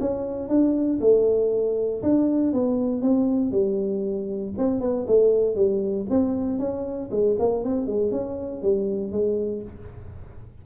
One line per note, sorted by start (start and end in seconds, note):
0.00 0.49 C#4
0.49 1.00 D4
1.01 2.02 A3
2.02 2.53 D4
2.53 3.02 B3
3.02 3.51 C4
3.51 4.53 G3
4.58 4.81 C4
4.81 5.06 B3
5.07 5.55 A3
5.55 6.06 G3
6.10 6.59 C4
6.59 7.10 C#4
7.11 7.36 G#3
7.39 7.64 A#3
7.64 7.87 C4
7.87 8.11 G#3
8.11 8.62 C#4
8.62 9.12 G3
9.12 9.62 G#3